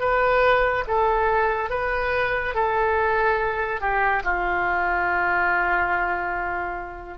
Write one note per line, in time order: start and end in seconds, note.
0.00 0.85 B4
0.88 1.70 A4
1.70 2.55 B4
2.55 3.81 A4
3.81 4.23 G4
4.24 7.18 F4